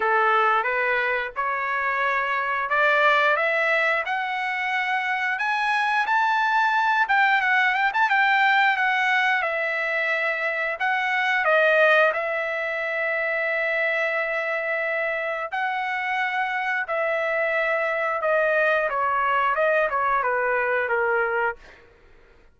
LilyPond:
\new Staff \with { instrumentName = "trumpet" } { \time 4/4 \tempo 4 = 89 a'4 b'4 cis''2 | d''4 e''4 fis''2 | gis''4 a''4. g''8 fis''8 g''16 a''16 | g''4 fis''4 e''2 |
fis''4 dis''4 e''2~ | e''2. fis''4~ | fis''4 e''2 dis''4 | cis''4 dis''8 cis''8 b'4 ais'4 | }